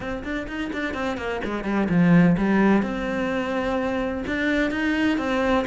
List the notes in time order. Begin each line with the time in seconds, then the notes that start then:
0.00 C4
0.23 D4
0.47 D#4
0.73 D4
0.94 C4
1.17 A#3
1.44 G#3
1.64 G3
1.89 F3
2.37 G3
2.82 C4
4.26 D4
4.70 D#4
5.18 C4